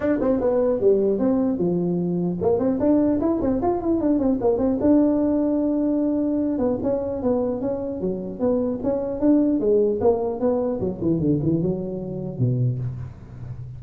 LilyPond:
\new Staff \with { instrumentName = "tuba" } { \time 4/4 \tempo 4 = 150 d'8 c'8 b4 g4 c'4 | f2 ais8 c'8 d'4 | e'8 c'8 f'8 e'8 d'8 c'8 ais8 c'8 | d'1~ |
d'8 b8 cis'4 b4 cis'4 | fis4 b4 cis'4 d'4 | gis4 ais4 b4 fis8 e8 | d8 e8 fis2 b,4 | }